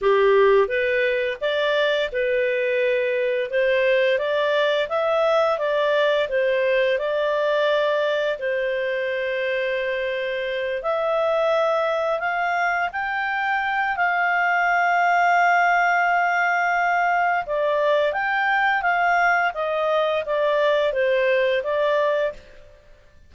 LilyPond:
\new Staff \with { instrumentName = "clarinet" } { \time 4/4 \tempo 4 = 86 g'4 b'4 d''4 b'4~ | b'4 c''4 d''4 e''4 | d''4 c''4 d''2 | c''2.~ c''8 e''8~ |
e''4. f''4 g''4. | f''1~ | f''4 d''4 g''4 f''4 | dis''4 d''4 c''4 d''4 | }